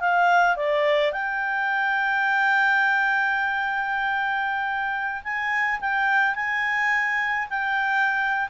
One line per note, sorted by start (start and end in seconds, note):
0.00 0.57 F5
0.57 1.12 D5
1.12 5.23 G5
5.24 5.80 G#5
5.80 6.35 G5
6.35 7.48 G#5
7.50 8.49 G5